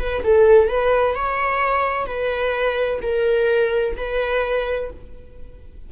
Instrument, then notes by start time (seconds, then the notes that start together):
viola
0.00 B4
0.24 A4
0.69 B4
1.16 C#5
2.07 B4
3.03 A#4
3.97 B4